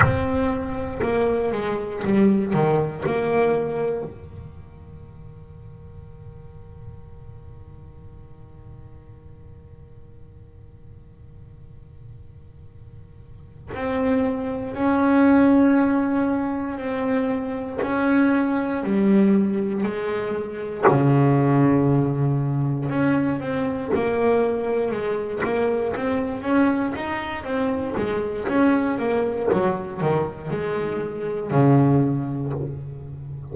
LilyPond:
\new Staff \with { instrumentName = "double bass" } { \time 4/4 \tempo 4 = 59 c'4 ais8 gis8 g8 dis8 ais4 | dis1~ | dis1~ | dis4. c'4 cis'4.~ |
cis'8 c'4 cis'4 g4 gis8~ | gis8 cis2 cis'8 c'8 ais8~ | ais8 gis8 ais8 c'8 cis'8 dis'8 c'8 gis8 | cis'8 ais8 fis8 dis8 gis4 cis4 | }